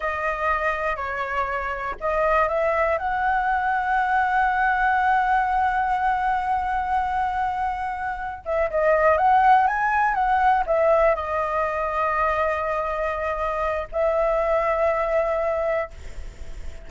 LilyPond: \new Staff \with { instrumentName = "flute" } { \time 4/4 \tempo 4 = 121 dis''2 cis''2 | dis''4 e''4 fis''2~ | fis''1~ | fis''1~ |
fis''4 e''8 dis''4 fis''4 gis''8~ | gis''8 fis''4 e''4 dis''4.~ | dis''1 | e''1 | }